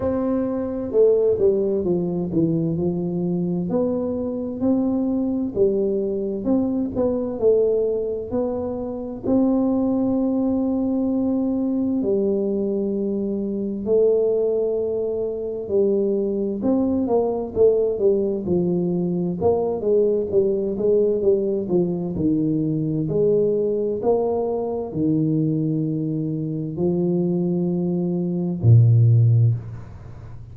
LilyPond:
\new Staff \with { instrumentName = "tuba" } { \time 4/4 \tempo 4 = 65 c'4 a8 g8 f8 e8 f4 | b4 c'4 g4 c'8 b8 | a4 b4 c'2~ | c'4 g2 a4~ |
a4 g4 c'8 ais8 a8 g8 | f4 ais8 gis8 g8 gis8 g8 f8 | dis4 gis4 ais4 dis4~ | dis4 f2 ais,4 | }